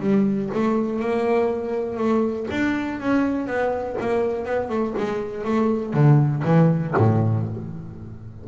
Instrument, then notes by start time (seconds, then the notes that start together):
double bass
0.00 G3
0.54 A3
1.00 A#3
1.97 A3
2.51 D4
3.00 C#4
3.47 B3
4.01 A#3
4.46 B3
4.69 A3
4.98 G#3
5.45 A3
5.94 D3
6.45 E3
6.97 A2